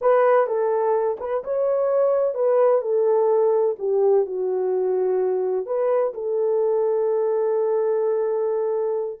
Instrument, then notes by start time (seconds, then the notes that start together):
horn
0.01 B4
0.46 A4
1.20 B4
1.43 C#5
2.34 B4
2.81 A4
3.78 G4
4.26 F#4
5.65 B4
6.14 A4